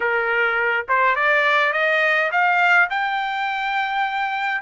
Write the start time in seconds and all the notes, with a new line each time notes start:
0.00 A#4
0.88 C5
1.15 D5
1.73 D#5
2.31 F5
2.90 G5